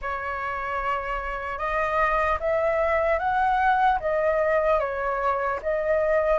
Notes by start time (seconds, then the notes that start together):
0.01 C#5
1.58 D#5
2.40 E5
3.19 F#5
4.00 D#5
4.79 C#5
5.62 D#5